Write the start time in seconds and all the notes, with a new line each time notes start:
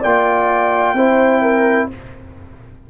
0.00 A#3 F4 D5 G5
0.94 C4 E4 C5
1.42 A#4